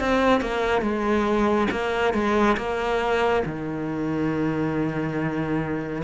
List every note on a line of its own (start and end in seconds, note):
0.00 0.41 C4
0.41 0.82 A#3
0.82 1.68 G#3
1.71 2.14 A#3
2.14 2.57 G#3
2.58 3.43 A#3
3.46 6.03 D#3